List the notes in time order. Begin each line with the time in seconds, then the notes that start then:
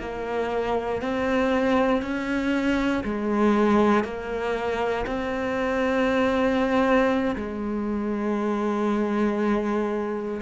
0.00 A#3
1.02 C4
2.02 C#4
3.05 G#3
4.04 A#3
5.07 C4
7.36 G#3